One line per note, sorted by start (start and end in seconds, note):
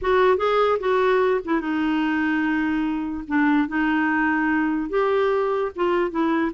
0.01 0.37 F#4
0.37 0.78 G#4
0.79 1.40 F#4
1.44 1.60 E4
1.60 3.24 D#4
3.27 3.67 D4
3.67 4.89 D#4
4.89 5.71 G4
5.75 6.10 F4
6.10 6.51 E4